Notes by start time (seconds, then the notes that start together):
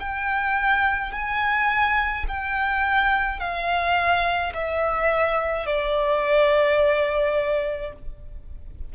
0.00 G5
1.13 G#5
2.28 G5
3.40 F5
4.54 E5
5.67 D5